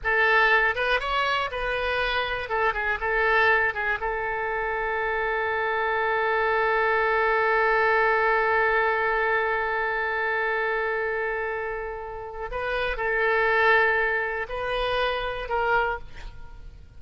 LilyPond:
\new Staff \with { instrumentName = "oboe" } { \time 4/4 \tempo 4 = 120 a'4. b'8 cis''4 b'4~ | b'4 a'8 gis'8 a'4. gis'8 | a'1~ | a'1~ |
a'1~ | a'1~ | a'4 b'4 a'2~ | a'4 b'2 ais'4 | }